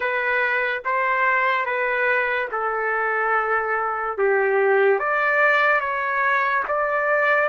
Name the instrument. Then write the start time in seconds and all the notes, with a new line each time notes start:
trumpet
0.00 B4
0.84 C5
1.65 B4
2.51 A4
4.17 G4
4.98 D5
5.80 C#5
6.68 D5